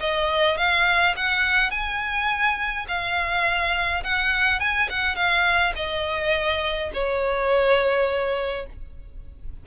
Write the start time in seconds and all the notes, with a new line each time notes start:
0.00 D#5
0.57 F5
1.16 F#5
1.71 G#5
2.88 F5
4.04 F#5
4.60 G#5
4.90 F#5
5.16 F5
5.76 D#5
6.94 C#5